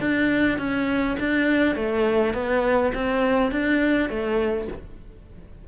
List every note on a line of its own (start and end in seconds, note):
0.00 0.58 D4
0.58 1.17 C#4
1.19 1.75 D4
1.75 2.34 A3
2.34 2.92 B3
2.94 3.51 C4
3.51 4.09 D4
4.09 4.68 A3